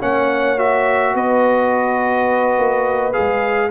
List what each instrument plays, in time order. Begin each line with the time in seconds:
0.00 tuba A#3, trombone C#4, horn C#5, trumpet F#5
0.58 trombone F#4, trumpet E5
1.14 tuba B3, horn B4, trumpet D#5
2.58 tuba A#3
3.13 trombone G#4, trumpet F5
3.19 tuba G#3